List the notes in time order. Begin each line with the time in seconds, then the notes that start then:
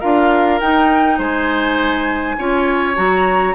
0.00 D4 F4 A#4 F5
0.60 D#4 G5
1.18 G#3 C5 G#5
2.38 C#4 F4 C#5
2.95 F#3 F#4 A#5